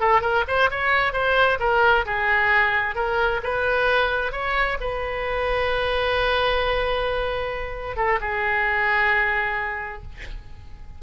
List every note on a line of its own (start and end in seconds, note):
0.00 0.21 A4
0.21 0.44 A#4
0.47 0.70 C5
0.70 1.13 C#5
1.13 1.58 C5
1.60 2.05 A#4
2.06 2.95 G#4
2.95 3.40 A#4
3.43 4.32 B4
4.32 4.77 C#5
4.80 7.96 B4
7.96 8.19 A4
8.20 10.02 G#4